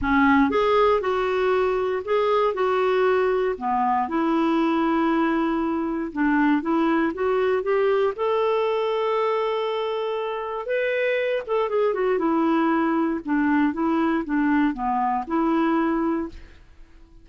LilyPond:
\new Staff \with { instrumentName = "clarinet" } { \time 4/4 \tempo 4 = 118 cis'4 gis'4 fis'2 | gis'4 fis'2 b4 | e'1 | d'4 e'4 fis'4 g'4 |
a'1~ | a'4 b'4. a'8 gis'8 fis'8 | e'2 d'4 e'4 | d'4 b4 e'2 | }